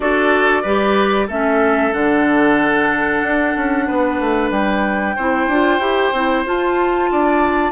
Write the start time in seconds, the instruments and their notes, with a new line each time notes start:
0.00 bassoon D4, clarinet F#4, oboe A4, flute D5
0.62 bassoon G3, clarinet G4, oboe B4
1.27 bassoon A3, clarinet C#4, oboe A4, flute E5
1.92 bassoon D3, clarinet D4, flute F#5
3.22 bassoon D4
3.56 bassoon C#4
3.87 bassoon B3, oboe B4
4.20 bassoon A3
4.50 bassoon G3, flute G5
5.15 bassoon C4, clarinet E4, oboe C5
5.47 bassoon D4, clarinet F4
5.79 bassoon E4, clarinet G4
6.12 bassoon C4, clarinet E4
6.45 clarinet F4, bassoon F4, flute A5
7.10 bassoon D4, oboe D5